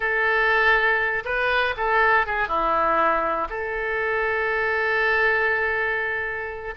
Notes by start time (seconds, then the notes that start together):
0.00 A4
1.25 B4
1.76 A4
2.26 G#4
2.48 E4
3.49 A4